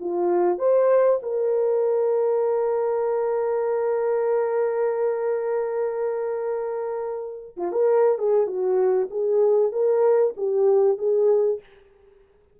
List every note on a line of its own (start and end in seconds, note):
0.00 0.58 F4
0.58 1.20 C5
1.22 7.56 A#4
7.57 7.72 F4
7.72 8.18 A#4
8.18 8.47 G#4
8.47 9.09 F#4
9.10 9.72 G#4
9.72 10.34 A#4
10.37 10.98 G4
10.98 11.60 G#4